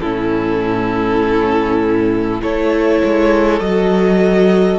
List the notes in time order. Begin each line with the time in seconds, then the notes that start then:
0.00 A2 C#4 E4 A4
2.40 A3 E4 A4 C#5
3.04 G#3
3.60 F#3 F#4 D#5